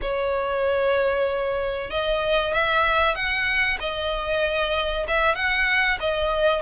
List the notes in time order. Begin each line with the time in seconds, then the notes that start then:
0.01 C#5
1.90 D#5
2.53 E5
3.15 F#5
3.80 D#5
5.07 E5
5.35 F#5
6.00 D#5